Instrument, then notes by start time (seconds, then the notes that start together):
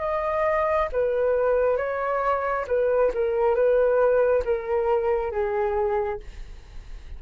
flute
0.00 D#5
0.93 B4
1.77 C#5
2.68 B4
3.14 A#4
3.55 B4
4.45 A#4
5.32 G#4